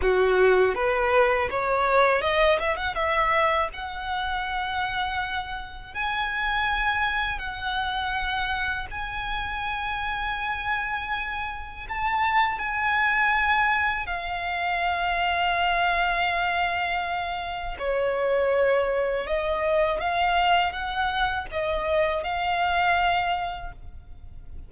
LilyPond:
\new Staff \with { instrumentName = "violin" } { \time 4/4 \tempo 4 = 81 fis'4 b'4 cis''4 dis''8 e''16 fis''16 | e''4 fis''2. | gis''2 fis''2 | gis''1 |
a''4 gis''2 f''4~ | f''1 | cis''2 dis''4 f''4 | fis''4 dis''4 f''2 | }